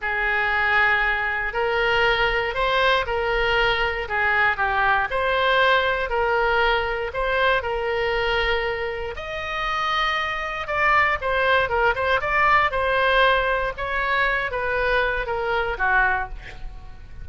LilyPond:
\new Staff \with { instrumentName = "oboe" } { \time 4/4 \tempo 4 = 118 gis'2. ais'4~ | ais'4 c''4 ais'2 | gis'4 g'4 c''2 | ais'2 c''4 ais'4~ |
ais'2 dis''2~ | dis''4 d''4 c''4 ais'8 c''8 | d''4 c''2 cis''4~ | cis''8 b'4. ais'4 fis'4 | }